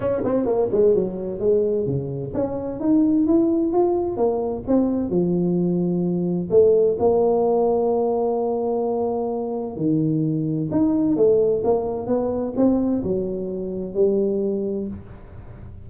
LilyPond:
\new Staff \with { instrumentName = "tuba" } { \time 4/4 \tempo 4 = 129 cis'8 c'8 ais8 gis8 fis4 gis4 | cis4 cis'4 dis'4 e'4 | f'4 ais4 c'4 f4~ | f2 a4 ais4~ |
ais1~ | ais4 dis2 dis'4 | a4 ais4 b4 c'4 | fis2 g2 | }